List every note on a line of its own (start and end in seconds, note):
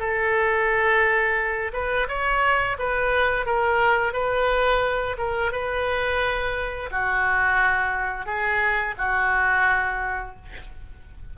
0.00 1.72 A4
1.74 2.08 B4
2.08 2.77 C#5
2.79 3.46 B4
3.46 4.14 A#4
4.14 5.17 B4
5.18 5.52 A#4
5.52 6.90 B4
6.92 8.26 F#4
8.26 8.95 G#4
8.98 10.36 F#4